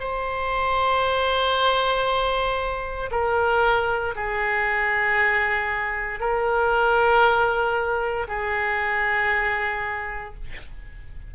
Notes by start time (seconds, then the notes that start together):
0.00 C5
3.11 A#4
4.16 G#4
6.20 A#4
8.28 G#4